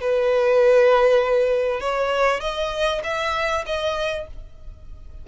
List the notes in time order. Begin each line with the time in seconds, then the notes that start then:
0.00 B4
1.80 C#5
2.40 D#5
3.03 E5
3.66 D#5